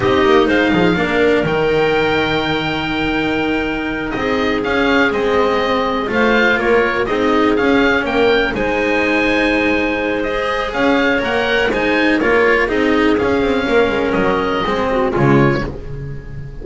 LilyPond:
<<
  \new Staff \with { instrumentName = "oboe" } { \time 4/4 \tempo 4 = 123 dis''4 f''2 g''4~ | g''1~ | g''8 dis''4 f''4 dis''4.~ | dis''8 f''4 cis''4 dis''4 f''8~ |
f''8 g''4 gis''2~ gis''8~ | gis''4 dis''4 f''4 fis''4 | gis''4 cis''4 dis''4 f''4~ | f''4 dis''2 cis''4 | }
  \new Staff \with { instrumentName = "clarinet" } { \time 4/4 g'4 c''8 gis'8 ais'2~ | ais'1~ | ais'8 gis'2.~ gis'8~ | gis'8 c''4 ais'4 gis'4.~ |
gis'8 ais'4 c''2~ c''8~ | c''2 cis''2 | c''4 ais'4 gis'2 | ais'2 gis'8 fis'8 f'4 | }
  \new Staff \with { instrumentName = "cello" } { \time 4/4 dis'2 d'4 dis'4~ | dis'1~ | dis'4. cis'4 c'4.~ | c'8 f'2 dis'4 cis'8~ |
cis'4. dis'2~ dis'8~ | dis'4 gis'2 ais'4 | dis'4 f'4 dis'4 cis'4~ | cis'2 c'4 gis4 | }
  \new Staff \with { instrumentName = "double bass" } { \time 4/4 c'8 ais8 gis8 f8 ais4 dis4~ | dis1~ | dis8 c'4 cis'4 gis4.~ | gis8 a4 ais4 c'4 cis'8~ |
cis'8 ais4 gis2~ gis8~ | gis2 cis'4 ais4 | gis4 ais4 c'4 cis'8 c'8 | ais8 gis8 fis4 gis4 cis4 | }
>>